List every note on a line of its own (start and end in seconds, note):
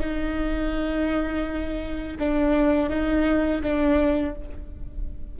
0.00 2.17 D#4
2.19 2.89 D4
2.89 3.61 D#4
3.62 4.35 D4